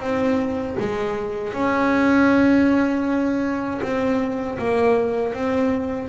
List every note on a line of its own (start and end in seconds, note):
0.00 0.76 C4
0.80 1.53 G#3
1.53 3.81 C#4
3.82 4.58 C4
4.58 5.34 A#3
5.34 6.09 C4